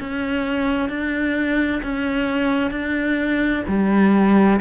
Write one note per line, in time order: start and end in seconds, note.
0.00 0.89 C#4
0.89 1.82 D4
1.83 2.71 C#4
2.71 3.63 D4
3.68 4.60 G3